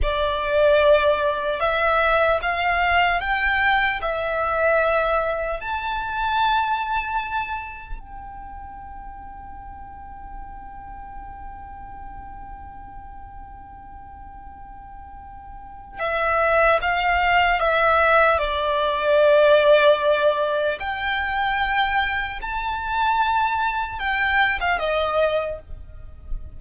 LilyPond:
\new Staff \with { instrumentName = "violin" } { \time 4/4 \tempo 4 = 75 d''2 e''4 f''4 | g''4 e''2 a''4~ | a''2 g''2~ | g''1~ |
g''1 | e''4 f''4 e''4 d''4~ | d''2 g''2 | a''2 g''8. f''16 dis''4 | }